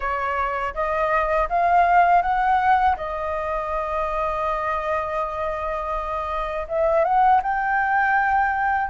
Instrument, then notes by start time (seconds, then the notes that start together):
flute
0.00 C#5
0.74 D#5
1.48 F5
2.22 F#5
2.96 D#5
6.68 E5
7.04 F#5
7.42 G5